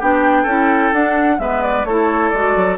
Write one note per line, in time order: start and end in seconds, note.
0.00 0.45 B3
0.00 0.48 D4
0.00 0.43 G4
0.00 0.94 G5
0.43 0.92 C#4
0.43 0.94 E4
0.43 1.36 A4
0.93 1.39 D4
0.93 1.40 F#5
1.39 1.85 G#3
1.39 1.86 B3
1.39 1.88 B4
1.39 1.63 E5
1.63 1.86 D5
1.85 2.31 A3
1.85 2.35 E4
1.85 2.79 A4
1.85 2.30 C#5
2.30 2.56 G#3
2.30 2.79 F#4
2.30 2.77 D5
2.56 2.79 F#3